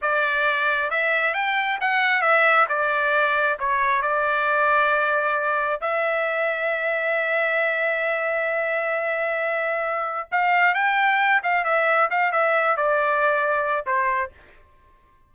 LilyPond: \new Staff \with { instrumentName = "trumpet" } { \time 4/4 \tempo 4 = 134 d''2 e''4 g''4 | fis''4 e''4 d''2 | cis''4 d''2.~ | d''4 e''2.~ |
e''1~ | e''2. f''4 | g''4. f''8 e''4 f''8 e''8~ | e''8 d''2~ d''8 c''4 | }